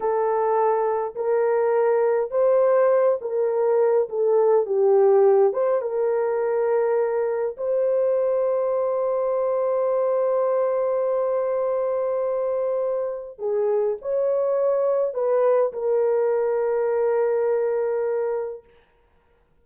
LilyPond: \new Staff \with { instrumentName = "horn" } { \time 4/4 \tempo 4 = 103 a'2 ais'2 | c''4. ais'4. a'4 | g'4. c''8 ais'2~ | ais'4 c''2.~ |
c''1~ | c''2. gis'4 | cis''2 b'4 ais'4~ | ais'1 | }